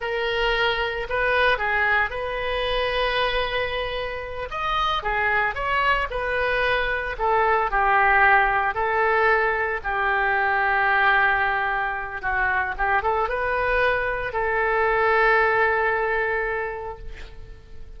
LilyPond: \new Staff \with { instrumentName = "oboe" } { \time 4/4 \tempo 4 = 113 ais'2 b'4 gis'4 | b'1~ | b'8 dis''4 gis'4 cis''4 b'8~ | b'4. a'4 g'4.~ |
g'8 a'2 g'4.~ | g'2. fis'4 | g'8 a'8 b'2 a'4~ | a'1 | }